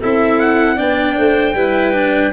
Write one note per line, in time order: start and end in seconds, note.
0.00 0.80 C4
0.00 0.76 E4
0.00 0.75 A4
0.00 0.39 E5
0.39 0.78 F#5
0.75 1.18 B3
0.75 1.54 D4
0.75 1.14 D5
0.75 2.32 G5
1.16 1.54 A3
1.16 1.55 C5
1.54 2.32 G3
1.54 1.93 E4
1.54 2.32 B4
1.93 2.31 D4